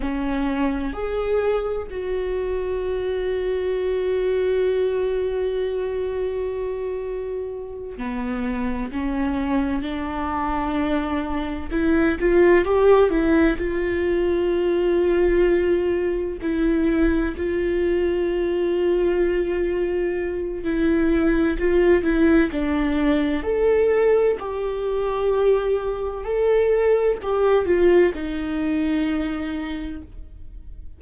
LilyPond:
\new Staff \with { instrumentName = "viola" } { \time 4/4 \tempo 4 = 64 cis'4 gis'4 fis'2~ | fis'1~ | fis'8 b4 cis'4 d'4.~ | d'8 e'8 f'8 g'8 e'8 f'4.~ |
f'4. e'4 f'4.~ | f'2 e'4 f'8 e'8 | d'4 a'4 g'2 | a'4 g'8 f'8 dis'2 | }